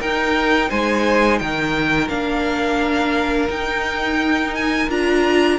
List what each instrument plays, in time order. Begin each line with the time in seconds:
0.00 cello D#4, viola D#4, violin A#4 G5
0.70 cello G#3, violin C5 G#5
1.39 cello D#3, violin A#4 G5
2.09 cello A#3, viola D4, violin F5
3.48 viola D#4, cello D#4, violin G5
4.55 violin G#5
4.89 cello D4, viola F4, violin A#5